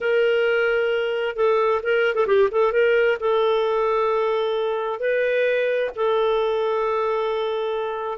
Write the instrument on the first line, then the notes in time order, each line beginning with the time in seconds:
clarinet
0.01 A#4
1.35 A4
1.82 A#4
2.14 A4
2.26 G4
2.51 A4
2.72 A#4
3.20 A4
4.99 B4
5.95 A4